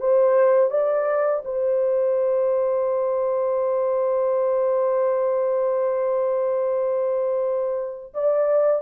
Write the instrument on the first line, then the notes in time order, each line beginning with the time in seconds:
horn
0.00 C5
0.70 D5
1.45 C5
8.14 D5